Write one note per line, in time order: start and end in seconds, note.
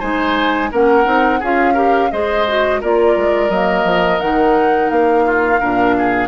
0.00 0.72 G#3
0.00 0.71 D#4
0.00 0.70 C5
0.00 0.71 G#5
0.72 1.07 A#3
0.72 1.05 C#4
0.72 1.40 A#4
0.72 1.44 F#5
1.05 1.42 C4
1.05 1.39 D#4
1.40 2.12 C#4
1.40 1.75 F4
1.40 1.74 G#4
1.40 2.12 F5
1.74 2.10 G4
1.74 2.09 A#4
2.12 2.83 G#3
2.12 2.47 G#4
2.12 2.81 C5
2.12 2.81 D#5
2.48 2.82 F#4
2.81 3.17 A#3
2.81 3.51 F4
2.81 5.25 A#4
2.81 3.51 D5
3.17 3.50 G#3
3.50 3.84 F#3
3.50 4.20 A#3
3.50 4.20 D#5
3.84 4.19 F3
4.20 4.91 D#3
4.20 5.60 D#4
4.20 4.90 F#5
4.91 5.60 A#3
4.91 6.29 F5
5.26 5.60 F4
5.60 6.29 A#2
5.60 6.29 D4
5.60 5.95 A#4
5.98 6.29 G#4